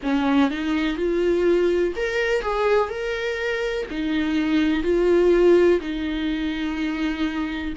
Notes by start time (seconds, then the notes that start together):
0.02 C#4
0.50 D#4
0.97 F4
1.96 A#4
2.41 G#4
2.89 A#4
3.90 D#4
4.83 F4
5.80 D#4